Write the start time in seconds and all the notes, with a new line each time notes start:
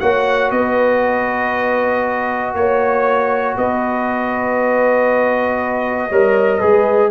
0.00 A#3 F#4 C#5 F#5
0.51 B3 B4 D#5
2.54 A#3 C#5
3.57 B3 B4 D#5
6.09 G3 A#4 C#5
6.58 G#3 G#4 B4